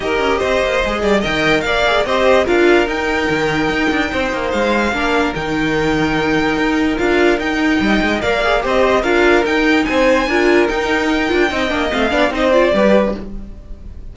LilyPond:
<<
  \new Staff \with { instrumentName = "violin" } { \time 4/4 \tempo 4 = 146 dis''2. g''4 | f''4 dis''4 f''4 g''4~ | g''2. f''4~ | f''4 g''2.~ |
g''4 f''4 g''2 | f''4 dis''4 f''4 g''4 | gis''2 g''2~ | g''4 f''4 dis''8 d''4. | }
  \new Staff \with { instrumentName = "violin" } { \time 4/4 ais'4 c''4. d''8 dis''4 | d''4 c''4 ais'2~ | ais'2 c''2 | ais'1~ |
ais'2. dis''4 | d''4 c''4 ais'2 | c''4 ais'2. | dis''4. d''8 c''4 b'4 | }
  \new Staff \with { instrumentName = "viola" } { \time 4/4 g'2 gis'4 ais'4~ | ais'8 gis'8 g'4 f'4 dis'4~ | dis'1 | d'4 dis'2.~ |
dis'4 f'4 dis'2 | ais'8 gis'8 g'4 f'4 dis'4~ | dis'4 f'4 dis'4. f'8 | dis'8 d'8 c'8 d'8 dis'8 f'8 g'4 | }
  \new Staff \with { instrumentName = "cello" } { \time 4/4 dis'8 cis'8 c'8 ais8 gis8 g8 dis4 | ais4 c'4 d'4 dis'4 | dis4 dis'8 d'8 c'8 ais8 gis4 | ais4 dis2. |
dis'4 d'4 dis'4 g8 gis8 | ais4 c'4 d'4 dis'4 | c'4 d'4 dis'4. d'8 | c'8 ais8 a8 b8 c'4 g4 | }
>>